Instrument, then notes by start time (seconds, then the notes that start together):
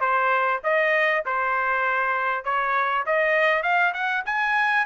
trumpet
0.00 C5
0.63 D#5
1.25 C5
2.44 C#5
3.06 D#5
3.62 F5
3.93 F#5
4.25 G#5